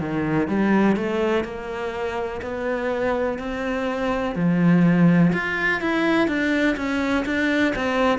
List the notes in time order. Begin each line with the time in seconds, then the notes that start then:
0.00 D#3
0.48 G3
0.97 A3
1.45 A#3
2.42 B3
3.39 C4
4.36 F3
5.34 F4
5.81 E4
6.28 D4
6.77 C#4
7.26 D4
7.76 C4